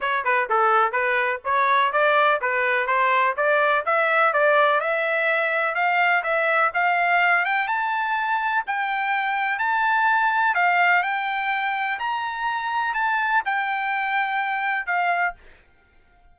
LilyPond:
\new Staff \with { instrumentName = "trumpet" } { \time 4/4 \tempo 4 = 125 cis''8 b'8 a'4 b'4 cis''4 | d''4 b'4 c''4 d''4 | e''4 d''4 e''2 | f''4 e''4 f''4. g''8 |
a''2 g''2 | a''2 f''4 g''4~ | g''4 ais''2 a''4 | g''2. f''4 | }